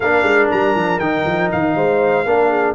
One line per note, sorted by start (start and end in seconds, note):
0.00 0.23 A#3
0.00 1.01 D4
0.00 1.72 A#4
0.00 0.48 F5
0.23 0.47 G#3
0.51 0.75 G3
0.51 0.99 A#5
0.75 0.99 F3
0.99 1.24 D#3
0.99 2.26 D#4
0.99 1.49 G5
1.26 1.51 F3
1.51 1.75 D#3
1.51 2.75 F5
1.75 2.25 G#3
1.75 2.25 C5
2.25 2.75 A#3
2.25 2.75 D4
2.25 2.49 A#4
2.49 2.74 G#4